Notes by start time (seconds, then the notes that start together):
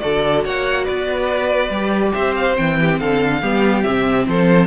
0.00 D3 F#4 A4 D5
0.45 A#3 C#5 F#5
0.85 B3 B4 D5
1.70 G3 G4
2.14 C4 C5 E5
2.35 F5
2.55 E3 C4 G5
2.81 G4
2.99 D3 A4 F5
3.42 G3 B3 G4
3.83 C3 C4 E5
4.28 F3 A4 C5